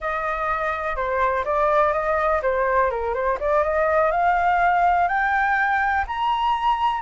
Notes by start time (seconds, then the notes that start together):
0.00 D#5
0.96 C5
1.45 D5
1.92 D#5
2.42 C5
2.90 A#4
3.13 C5
3.40 D5
3.63 D#5
4.11 F5
5.08 G5
6.07 A#5